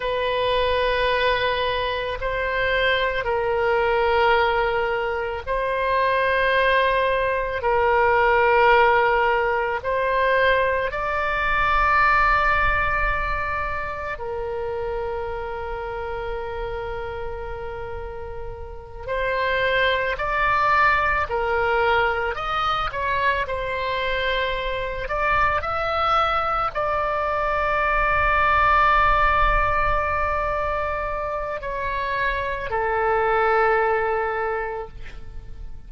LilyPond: \new Staff \with { instrumentName = "oboe" } { \time 4/4 \tempo 4 = 55 b'2 c''4 ais'4~ | ais'4 c''2 ais'4~ | ais'4 c''4 d''2~ | d''4 ais'2.~ |
ais'4. c''4 d''4 ais'8~ | ais'8 dis''8 cis''8 c''4. d''8 e''8~ | e''8 d''2.~ d''8~ | d''4 cis''4 a'2 | }